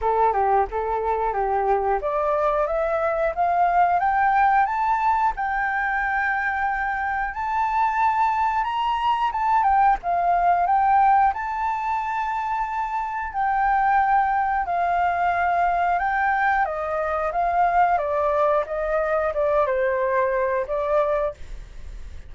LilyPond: \new Staff \with { instrumentName = "flute" } { \time 4/4 \tempo 4 = 90 a'8 g'8 a'4 g'4 d''4 | e''4 f''4 g''4 a''4 | g''2. a''4~ | a''4 ais''4 a''8 g''8 f''4 |
g''4 a''2. | g''2 f''2 | g''4 dis''4 f''4 d''4 | dis''4 d''8 c''4. d''4 | }